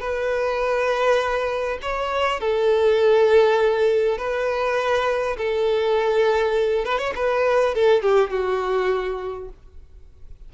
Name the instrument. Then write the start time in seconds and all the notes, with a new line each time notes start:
violin
0.00 B4
1.81 C#5
2.40 A4
4.17 B4
5.37 A4
6.85 B4
6.98 C#5
7.15 B4
7.74 A4
8.02 G4
8.30 F#4